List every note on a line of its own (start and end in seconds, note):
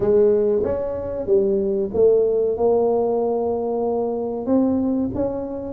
0.00 0.62 G#3
0.63 1.26 C#4
1.26 1.90 G3
1.94 2.57 A3
2.57 4.45 A#3
4.45 5.09 C4
5.14 5.73 C#4